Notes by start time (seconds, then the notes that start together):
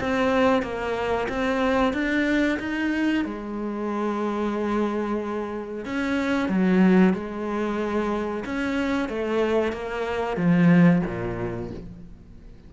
0.00 C4
0.62 A#3
1.28 C4
1.93 D4
2.59 D#4
3.25 G#3
5.85 C#4
6.48 F#3
7.13 G#3
8.45 C#4
9.09 A3
9.72 A#3
10.36 F3
11.05 A#2